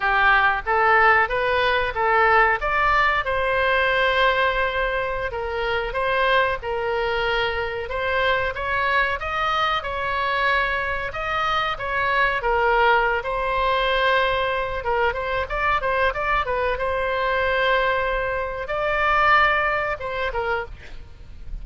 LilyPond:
\new Staff \with { instrumentName = "oboe" } { \time 4/4 \tempo 4 = 93 g'4 a'4 b'4 a'4 | d''4 c''2.~ | c''16 ais'4 c''4 ais'4.~ ais'16~ | ais'16 c''4 cis''4 dis''4 cis''8.~ |
cis''4~ cis''16 dis''4 cis''4 ais'8.~ | ais'8 c''2~ c''8 ais'8 c''8 | d''8 c''8 d''8 b'8 c''2~ | c''4 d''2 c''8 ais'8 | }